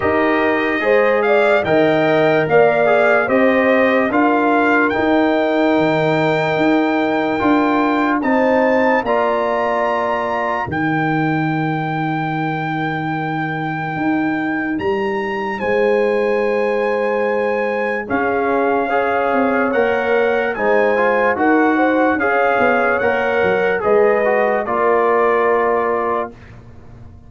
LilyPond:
<<
  \new Staff \with { instrumentName = "trumpet" } { \time 4/4 \tempo 4 = 73 dis''4. f''8 g''4 f''4 | dis''4 f''4 g''2~ | g''2 a''4 ais''4~ | ais''4 g''2.~ |
g''2 ais''4 gis''4~ | gis''2 f''2 | fis''4 gis''4 fis''4 f''4 | fis''4 dis''4 d''2 | }
  \new Staff \with { instrumentName = "horn" } { \time 4/4 ais'4 c''8 d''8 dis''4 d''4 | c''4 ais'2.~ | ais'2 c''4 d''4~ | d''4 ais'2.~ |
ais'2. c''4~ | c''2 gis'4 cis''4~ | cis''4 c''4 ais'8 c''8 cis''4~ | cis''4 b'4 ais'2 | }
  \new Staff \with { instrumentName = "trombone" } { \time 4/4 g'4 gis'4 ais'4. gis'8 | g'4 f'4 dis'2~ | dis'4 f'4 dis'4 f'4~ | f'4 dis'2.~ |
dis'1~ | dis'2 cis'4 gis'4 | ais'4 dis'8 f'8 fis'4 gis'4 | ais'4 gis'8 fis'8 f'2 | }
  \new Staff \with { instrumentName = "tuba" } { \time 4/4 dis'4 gis4 dis4 ais4 | c'4 d'4 dis'4 dis4 | dis'4 d'4 c'4 ais4~ | ais4 dis2.~ |
dis4 dis'4 g4 gis4~ | gis2 cis'4. c'8 | ais4 gis4 dis'4 cis'8 b8 | ais8 fis8 gis4 ais2 | }
>>